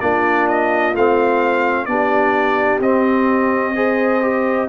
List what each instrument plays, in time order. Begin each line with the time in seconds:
0.00 tuba A#3, trombone D4, horn F4, trumpet D5
0.48 trumpet D#5
0.95 tuba A3, trombone C4, trumpet F5
1.85 tuba B3, trombone D4, horn G4, trumpet D5
2.80 tuba C4, trombone C4, trumpet D#5
3.75 trombone G#4, horn C5
4.21 trombone G4